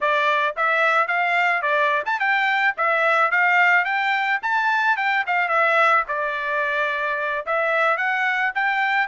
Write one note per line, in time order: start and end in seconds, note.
0.00 0.55 D5
0.56 1.07 E5
1.07 1.62 F5
1.62 2.03 D5
2.05 2.19 A5
2.19 2.74 G5
2.77 3.31 E5
3.31 3.84 F5
3.84 4.39 G5
4.42 4.96 A5
4.96 5.24 G5
5.26 5.48 F5
5.48 6.03 E5
6.08 7.45 D5
7.46 7.97 E5
7.97 8.52 F#5
8.54 9.07 G5